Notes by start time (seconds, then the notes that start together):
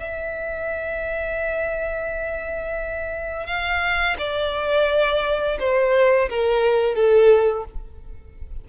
0.00 E5
3.47 F5
4.19 D5
5.60 C5
6.30 A#4
6.95 A4